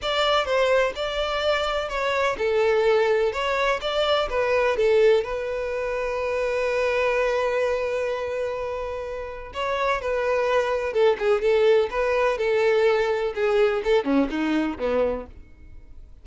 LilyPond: \new Staff \with { instrumentName = "violin" } { \time 4/4 \tempo 4 = 126 d''4 c''4 d''2 | cis''4 a'2 cis''4 | d''4 b'4 a'4 b'4~ | b'1~ |
b'1 | cis''4 b'2 a'8 gis'8 | a'4 b'4 a'2 | gis'4 a'8 cis'8 dis'4 b4 | }